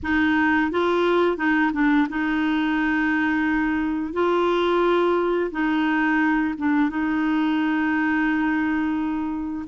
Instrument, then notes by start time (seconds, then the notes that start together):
clarinet
0.02 D#4
0.71 F4
1.37 D#4
1.72 D4
2.09 D#4
4.13 F4
5.51 D#4
6.58 D4
6.89 D#4